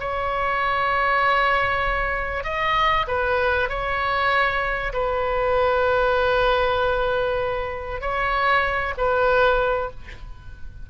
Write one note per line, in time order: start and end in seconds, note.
0.00 2.44 C#5
2.44 3.06 D#5
3.08 3.69 B4
3.69 4.93 C#5
4.93 8.01 B4
8.01 8.94 C#5
8.97 9.90 B4